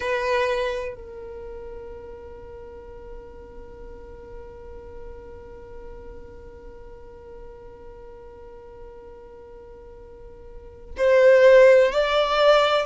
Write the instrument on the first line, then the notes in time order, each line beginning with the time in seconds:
violin
0.00 B4
0.95 A#4
10.97 C5
11.92 D5